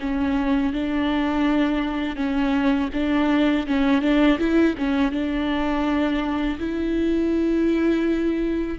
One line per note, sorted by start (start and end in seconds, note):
0.00 0.73 C#4
0.73 2.16 D4
2.16 2.89 C#4
2.94 3.67 D4
3.67 4.02 C#4
4.02 4.39 D4
4.39 4.76 E4
4.78 5.12 C#4
5.12 6.58 D4
6.59 8.79 E4